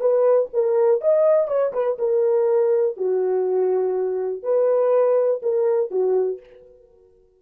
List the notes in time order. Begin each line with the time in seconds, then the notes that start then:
0.00 B4
0.53 A#4
1.01 D#5
1.48 C#5
1.73 B4
1.99 A#4
2.97 F#4
4.43 B4
5.43 A#4
5.91 F#4